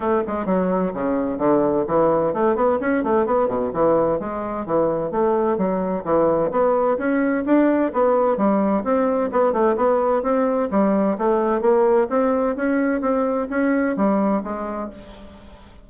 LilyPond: \new Staff \with { instrumentName = "bassoon" } { \time 4/4 \tempo 4 = 129 a8 gis8 fis4 cis4 d4 | e4 a8 b8 cis'8 a8 b8 b,8 | e4 gis4 e4 a4 | fis4 e4 b4 cis'4 |
d'4 b4 g4 c'4 | b8 a8 b4 c'4 g4 | a4 ais4 c'4 cis'4 | c'4 cis'4 g4 gis4 | }